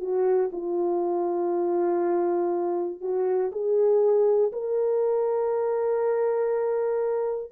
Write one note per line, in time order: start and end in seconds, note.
0.00 0.50 F#4
0.52 3.01 F4
3.01 3.51 F#4
3.51 4.51 G#4
4.52 7.51 A#4